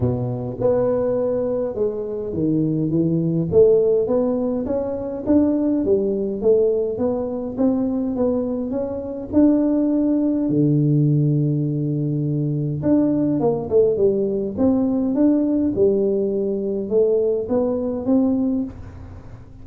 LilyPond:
\new Staff \with { instrumentName = "tuba" } { \time 4/4 \tempo 4 = 103 b,4 b2 gis4 | dis4 e4 a4 b4 | cis'4 d'4 g4 a4 | b4 c'4 b4 cis'4 |
d'2 d2~ | d2 d'4 ais8 a8 | g4 c'4 d'4 g4~ | g4 a4 b4 c'4 | }